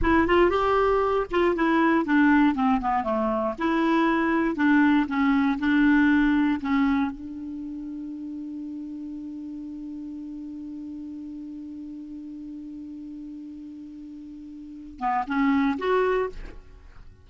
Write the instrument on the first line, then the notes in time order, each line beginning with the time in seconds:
clarinet
0.01 E4
0.27 F4
0.50 G4
1.30 F4
1.55 E4
2.05 D4
2.54 C4
2.80 B3
3.03 A3
3.58 E4
4.55 D4
5.07 C#4
5.58 D4
6.61 C#4
7.11 D4
14.99 B3
15.27 C#4
15.78 F#4